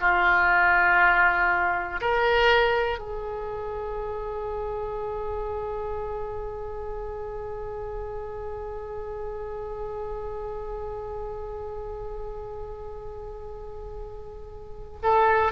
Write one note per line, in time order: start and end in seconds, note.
0.00 2.00 F4
2.00 2.98 A#4
2.98 14.98 G#4
15.03 15.51 A4